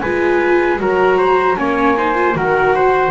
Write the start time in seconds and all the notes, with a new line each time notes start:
0.00 G#3 F4 B4 G#5
0.78 F#3 F#4 A#4 A#5
1.18 C5
1.56 A#3 C#4 C#5 G#5
1.97 D#4 C5
2.14 F4
2.35 D#3 F#4 A#4 F#5
2.75 C5